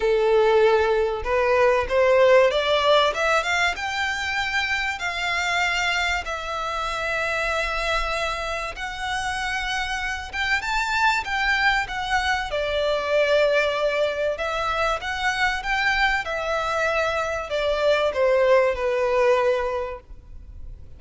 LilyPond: \new Staff \with { instrumentName = "violin" } { \time 4/4 \tempo 4 = 96 a'2 b'4 c''4 | d''4 e''8 f''8 g''2 | f''2 e''2~ | e''2 fis''2~ |
fis''8 g''8 a''4 g''4 fis''4 | d''2. e''4 | fis''4 g''4 e''2 | d''4 c''4 b'2 | }